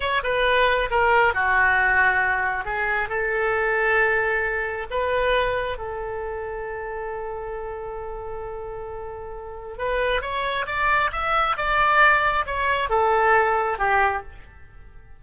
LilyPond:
\new Staff \with { instrumentName = "oboe" } { \time 4/4 \tempo 4 = 135 cis''8 b'4. ais'4 fis'4~ | fis'2 gis'4 a'4~ | a'2. b'4~ | b'4 a'2.~ |
a'1~ | a'2 b'4 cis''4 | d''4 e''4 d''2 | cis''4 a'2 g'4 | }